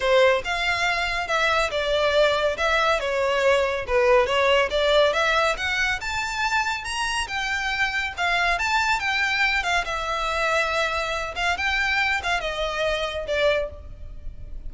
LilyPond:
\new Staff \with { instrumentName = "violin" } { \time 4/4 \tempo 4 = 140 c''4 f''2 e''4 | d''2 e''4 cis''4~ | cis''4 b'4 cis''4 d''4 | e''4 fis''4 a''2 |
ais''4 g''2 f''4 | a''4 g''4. f''8 e''4~ | e''2~ e''8 f''8 g''4~ | g''8 f''8 dis''2 d''4 | }